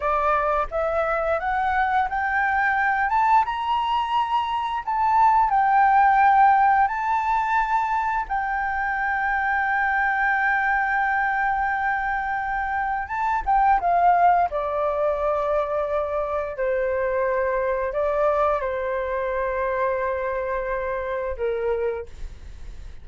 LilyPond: \new Staff \with { instrumentName = "flute" } { \time 4/4 \tempo 4 = 87 d''4 e''4 fis''4 g''4~ | g''8 a''8 ais''2 a''4 | g''2 a''2 | g''1~ |
g''2. a''8 g''8 | f''4 d''2. | c''2 d''4 c''4~ | c''2. ais'4 | }